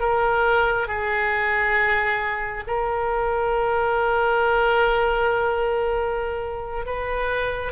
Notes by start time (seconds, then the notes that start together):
0.00 A#4
0.87 G#4
2.67 A#4
6.86 B4